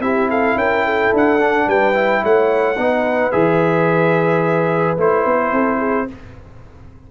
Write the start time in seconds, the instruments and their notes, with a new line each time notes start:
0.00 tuba C4, trombone E4, horn G4, trumpet E5
0.30 horn A4, trumpet F5
0.56 tuba C#4, horn A#4, trumpet G5
0.85 horn A4
1.14 tuba D4, trumpet F#5
1.41 trombone D4
1.68 tuba G3, horn B4, trumpet G5
1.94 trombone E4
2.24 tuba A3, horn C#5, trumpet F#5
2.78 tuba B3, trombone D#4, horn B4
3.32 tuba E3, trombone G#4, trumpet E5
4.98 tuba A3, trombone E4, trumpet C5
5.26 tuba B3
5.52 tuba C4, horn A4
5.79 horn G#4